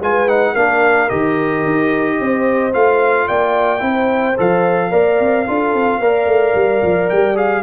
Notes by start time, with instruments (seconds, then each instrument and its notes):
0.00 tuba G#3, trombone F4, horn B4, trumpet G#5
0.28 trombone D#4, trumpet F#5
0.52 tuba A#3, trombone D4, horn A#4, trumpet F5
1.09 tuba D#3, trombone G4, trumpet D#5
1.65 tuba D#4
2.19 tuba C4, horn C5
2.73 tuba A3, trombone F4, trumpet F5
3.27 tuba A#3, horn D5, trumpet G5
3.79 tuba C4, trombone E4
3.86 horn C5
4.38 tuba F3, trombone A4, trumpet F5
4.91 tuba A#3, trombone A#4, horn D5
5.20 tuba C4
5.46 tuba D4, trombone F4, horn A4
5.74 tuba C4
5.99 tuba A#3, trombone A#4, horn D5
6.26 tuba A3
6.55 tuba G3
6.82 tuba F3
7.10 tuba G3, trumpet G5
7.35 trombone G#4, trumpet F5